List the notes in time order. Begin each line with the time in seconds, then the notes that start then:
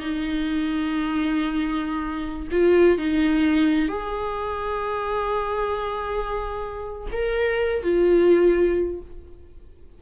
0.00 D#4
2.51 F4
2.98 D#4
3.88 G#4
7.12 A#4
7.83 F4